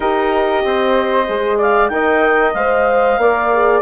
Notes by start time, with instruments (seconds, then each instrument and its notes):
0.00 bassoon D#4, horn G4, flute A#4, clarinet D#5
0.64 bassoon C4, flute C5
1.27 bassoon G#3, horn G#4
1.57 flute D5, clarinet F5
1.88 bassoon D#4, horn A#4, flute D#5, clarinet G5
2.53 bassoon G#3, horn C5, clarinet F5
3.17 bassoon A#3, horn A#4, flute D5
3.52 horn G#4